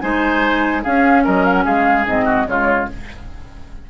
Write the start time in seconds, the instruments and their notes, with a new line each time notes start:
0.00 bassoon G#3, clarinet D#4, oboe C5, flute G#5
0.82 clarinet C#4, bassoon C#4, oboe G#4, flute F5
1.24 bassoon F#3, oboe A#4, flute D#5
1.44 flute F5
1.53 flute F#5
1.64 bassoon G#3, oboe G#4, flute F5
2.05 bassoon G#2, clarinet C4, flute D#5
2.25 oboe F#4
2.46 bassoon C#3, clarinet G#3, oboe F4, flute C#5